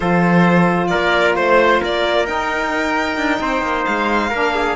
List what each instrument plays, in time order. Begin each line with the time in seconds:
0.00 cello F3, saxophone F4, trumpet A4, violin C5
0.87 trumpet A#4, violin D5
0.93 cello A#3
1.35 cello A3, trumpet C5, violin C5
1.81 cello A#3, trumpet A#4, violin D5
2.25 saxophone D#4, cello D#4, violin G5
3.17 cello D4
3.40 cello C4, trumpet C5
3.62 cello A#3
3.85 cello G#3, violin F5
4.29 cello A#3, saxophone D4, trumpet A#4
4.54 trumpet G#4